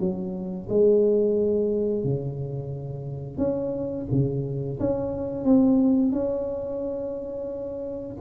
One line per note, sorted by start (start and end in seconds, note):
0.00 0.68 F#3
0.69 2.05 G#3
2.05 3.38 C#3
3.38 4.06 C#4
4.12 4.80 C#3
4.80 5.45 C#4
5.45 6.13 C4
6.13 8.17 C#4